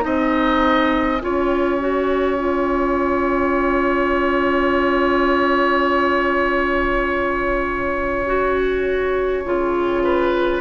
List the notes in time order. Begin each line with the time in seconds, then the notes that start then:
0.00 C4 D#4 D#5 G#5
1.21 C#4 F4 C#5
1.80 F#4
2.37 F4
8.26 F#4
9.44 C#3 F4
10.03 B4